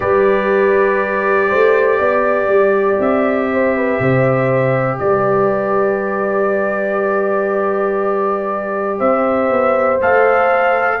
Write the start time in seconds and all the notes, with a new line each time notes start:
0.00 G3 G4 B4 D5
1.48 A3 C5
1.99 B3 D5
2.48 G3
2.99 C4 E5
3.53 C5
3.76 B4
4.00 C3 C5
4.98 G3 B4 D5
8.98 C4 C5 E5
9.50 B3
10.00 A3 A4 F5